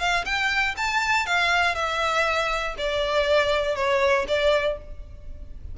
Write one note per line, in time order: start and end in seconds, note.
0.00 0.25 F5
0.25 0.75 G5
0.77 1.27 A5
1.27 1.75 F5
1.75 2.75 E5
2.78 3.76 D5
3.76 4.26 C#5
4.28 4.78 D5